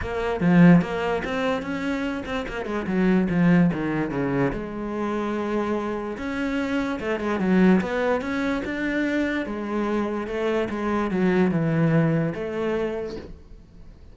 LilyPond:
\new Staff \with { instrumentName = "cello" } { \time 4/4 \tempo 4 = 146 ais4 f4 ais4 c'4 | cis'4. c'8 ais8 gis8 fis4 | f4 dis4 cis4 gis4~ | gis2. cis'4~ |
cis'4 a8 gis8 fis4 b4 | cis'4 d'2 gis4~ | gis4 a4 gis4 fis4 | e2 a2 | }